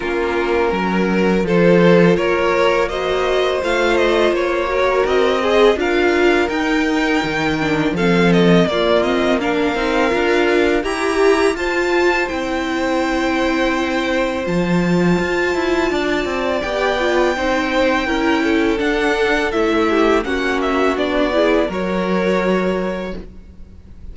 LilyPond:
<<
  \new Staff \with { instrumentName = "violin" } { \time 4/4 \tempo 4 = 83 ais'2 c''4 cis''4 | dis''4 f''8 dis''8 cis''4 dis''4 | f''4 g''2 f''8 dis''8 | d''8 dis''8 f''2 ais''4 |
a''4 g''2. | a''2. g''4~ | g''2 fis''4 e''4 | fis''8 e''8 d''4 cis''2 | }
  \new Staff \with { instrumentName = "violin" } { \time 4/4 f'4 ais'4 a'4 ais'4 | c''2~ c''8 ais'4 gis'8 | ais'2. a'4 | f'4 ais'2 g'4 |
c''1~ | c''2 d''2 | c''4 ais'8 a'2 g'8 | fis'4. gis'8 ais'2 | }
  \new Staff \with { instrumentName = "viola" } { \time 4/4 cis'2 f'2 | fis'4 f'4. fis'4 gis'8 | f'4 dis'4. d'8 c'4 | ais8 c'8 d'8 dis'8 f'4 g'4 |
f'4 e'2. | f'2. g'8 f'8 | dis'4 e'4 d'4 e'4 | cis'4 d'8 e'8 fis'2 | }
  \new Staff \with { instrumentName = "cello" } { \time 4/4 ais4 fis4 f4 ais4~ | ais4 a4 ais4 c'4 | d'4 dis'4 dis4 f4 | ais4. c'8 d'4 e'4 |
f'4 c'2. | f4 f'8 e'8 d'8 c'8 b4 | c'4 cis'4 d'4 a4 | ais4 b4 fis2 | }
>>